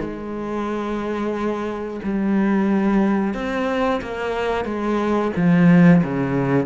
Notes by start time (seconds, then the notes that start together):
0.00 G#3
2.03 G3
3.34 C4
4.02 A#3
4.65 G#3
5.36 F3
6.04 C#3